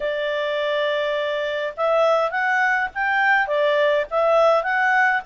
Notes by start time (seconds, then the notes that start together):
0.00 D5
1.77 E5
2.31 F#5
2.94 G5
3.47 D5
4.10 E5
4.63 F#5